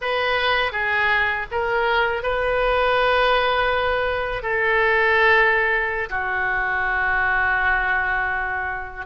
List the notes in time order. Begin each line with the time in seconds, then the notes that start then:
0.01 B4
0.72 G#4
1.51 A#4
2.22 B4
4.42 A4
6.09 F#4